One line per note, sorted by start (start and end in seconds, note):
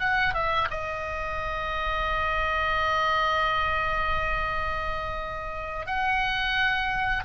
0.00 0.34 F#5
0.34 0.69 E5
0.71 5.87 D#5
5.87 7.24 F#5